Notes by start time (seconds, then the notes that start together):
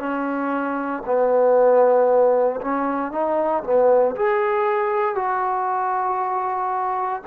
0.00 C#4
1.06 B3
2.61 C#4
3.12 D#4
3.64 B3
4.16 G#4
5.16 F#4